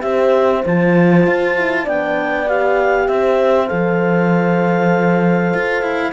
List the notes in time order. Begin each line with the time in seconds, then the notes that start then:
0.00 C4 G4 C5 E5
0.66 F3 F4 A5
1.27 F4
1.57 E4
1.83 B3 D4 D5 G5
2.47 G4 F5
3.08 C4 C5 E5
3.67 F3 A4 F5
5.53 F4
5.82 E4